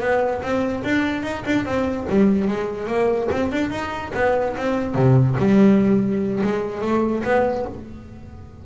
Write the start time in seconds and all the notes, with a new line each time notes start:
0.00 B3
0.42 C4
0.84 D4
1.23 D#4
1.46 D4
1.65 C4
2.09 G3
2.47 G#3
2.87 A#3
3.31 C4
3.51 D4
3.70 D#4
4.14 B3
4.56 C4
4.94 C3
5.38 G3
6.43 G#3
6.81 A3
7.24 B3